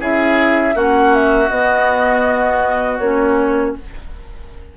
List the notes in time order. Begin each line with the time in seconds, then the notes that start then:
0.00 C#4 E4 G#4 E5
0.74 A#3 C#4 F#4 F#5
1.15 E5
1.49 B3 D#5
2.99 A#3 C#4 C#5